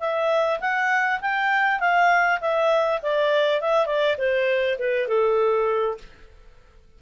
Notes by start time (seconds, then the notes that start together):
0.00 E5
0.60 F#5
1.21 G5
1.80 F5
2.41 E5
3.02 D5
3.61 E5
3.86 D5
4.18 C5
4.79 B4
5.08 A4